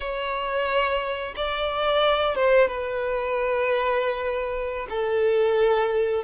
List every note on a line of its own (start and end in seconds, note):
0.00 1.34 C#5
1.35 2.35 D5
2.35 2.68 C5
2.68 4.87 B4
4.89 6.24 A4